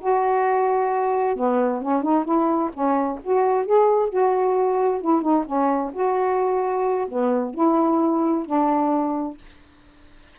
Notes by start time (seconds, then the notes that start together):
0.00 F#4
1.36 B3
1.82 C#4
2.02 D#4
2.24 E4
2.73 C#4
3.23 F#4
3.66 G#4
4.09 F#4
5.01 E4
5.22 D#4
5.45 C#4
5.93 F#4
7.08 B3
7.54 E4
8.46 D4